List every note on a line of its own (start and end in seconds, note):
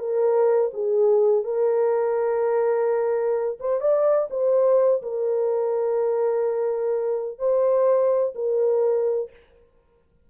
0.00 0.71 A#4
0.74 1.45 G#4
1.45 3.59 A#4
3.60 3.81 C5
3.81 4.29 D5
4.31 5.02 C5
5.03 7.39 A#4
7.39 8.34 C5
8.35 9.31 A#4